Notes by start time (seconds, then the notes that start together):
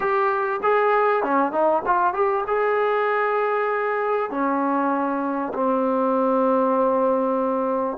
0.00 G4
0.63 G#4
1.23 C#4
1.51 D#4
1.86 F4
2.13 G4
2.47 G#4
4.30 C#4
5.54 C4